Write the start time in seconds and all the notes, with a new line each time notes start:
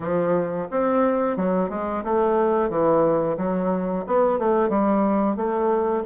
0.00 F3
0.70 C4
1.37 F#3
1.69 G#3
2.03 A3
2.69 E3
3.37 F#3
4.06 B3
4.38 A3
4.69 G3
5.36 A3